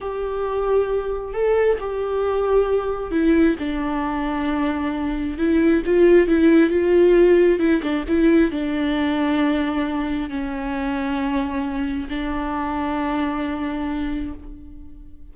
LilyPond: \new Staff \with { instrumentName = "viola" } { \time 4/4 \tempo 4 = 134 g'2. a'4 | g'2. e'4 | d'1 | e'4 f'4 e'4 f'4~ |
f'4 e'8 d'8 e'4 d'4~ | d'2. cis'4~ | cis'2. d'4~ | d'1 | }